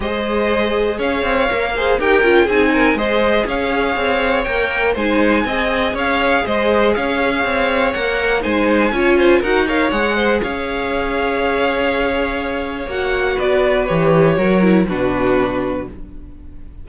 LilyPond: <<
  \new Staff \with { instrumentName = "violin" } { \time 4/4 \tempo 4 = 121 dis''2 f''2 | g''4 gis''4 dis''4 f''4~ | f''4 g''4 gis''2 | f''4 dis''4 f''2 |
fis''4 gis''2 fis''8 f''8 | fis''4 f''2.~ | f''2 fis''4 d''4 | cis''2 b'2 | }
  \new Staff \with { instrumentName = "violin" } { \time 4/4 c''2 cis''4. c''8 | ais'4 gis'8 ais'8 c''4 cis''4~ | cis''2 c''4 dis''4 | cis''4 c''4 cis''2~ |
cis''4 c''4 cis''8 c''8 ais'8 cis''8~ | cis''8 c''8 cis''2.~ | cis''2. b'4~ | b'4 ais'4 fis'2 | }
  \new Staff \with { instrumentName = "viola" } { \time 4/4 gis'2. ais'8 gis'8 | g'8 f'8 dis'4 gis'2~ | gis'4 ais'4 dis'4 gis'4~ | gis'1 |
ais'4 dis'4 f'4 fis'8 ais'8 | gis'1~ | gis'2 fis'2 | g'4 fis'8 e'8 d'2 | }
  \new Staff \with { instrumentName = "cello" } { \time 4/4 gis2 cis'8 c'8 ais4 | dis'8 cis'8 c'4 gis4 cis'4 | c'4 ais4 gis4 c'4 | cis'4 gis4 cis'4 c'4 |
ais4 gis4 cis'4 dis'4 | gis4 cis'2.~ | cis'2 ais4 b4 | e4 fis4 b,2 | }
>>